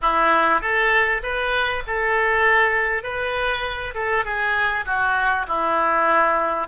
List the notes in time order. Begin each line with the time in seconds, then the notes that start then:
0.01 E4
0.61 A4
1.22 B4
1.86 A4
3.03 B4
3.94 A4
4.24 G#4
4.85 F#4
5.47 E4